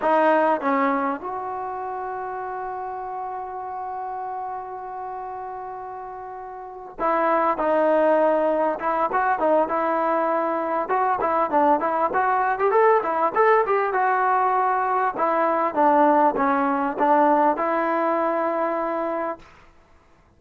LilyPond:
\new Staff \with { instrumentName = "trombone" } { \time 4/4 \tempo 4 = 99 dis'4 cis'4 fis'2~ | fis'1~ | fis'2.~ fis'8 e'8~ | e'8 dis'2 e'8 fis'8 dis'8 |
e'2 fis'8 e'8 d'8 e'8 | fis'8. g'16 a'8 e'8 a'8 g'8 fis'4~ | fis'4 e'4 d'4 cis'4 | d'4 e'2. | }